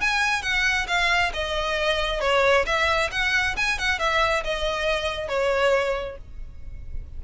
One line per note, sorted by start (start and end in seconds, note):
0.00 0.42 G#5
0.42 0.86 F#5
0.87 1.32 F5
1.33 2.20 D#5
2.20 2.65 C#5
2.65 3.10 E5
3.11 3.56 F#5
3.56 3.78 G#5
3.78 3.99 F#5
3.99 4.43 E5
4.44 5.28 D#5
5.28 6.17 C#5